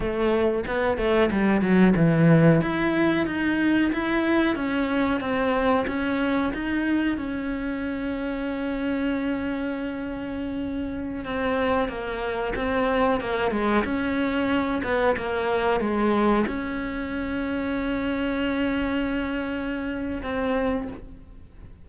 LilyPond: \new Staff \with { instrumentName = "cello" } { \time 4/4 \tempo 4 = 92 a4 b8 a8 g8 fis8 e4 | e'4 dis'4 e'4 cis'4 | c'4 cis'4 dis'4 cis'4~ | cis'1~ |
cis'4~ cis'16 c'4 ais4 c'8.~ | c'16 ais8 gis8 cis'4. b8 ais8.~ | ais16 gis4 cis'2~ cis'8.~ | cis'2. c'4 | }